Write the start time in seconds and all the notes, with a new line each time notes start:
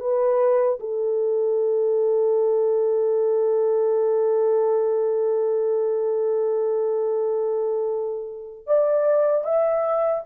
0.00 B4
0.80 A4
8.67 D5
9.44 E5